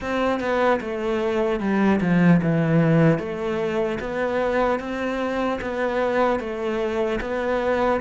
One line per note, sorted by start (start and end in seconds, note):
0.00 0.40 C4
0.40 0.80 B3
0.80 1.60 A3
1.60 2.00 G3
2.00 2.40 F3
2.42 3.19 E3
3.19 3.99 A3
4.00 4.79 B3
4.79 5.59 C4
5.61 6.39 B3
6.39 7.19 A3
7.20 8.00 B3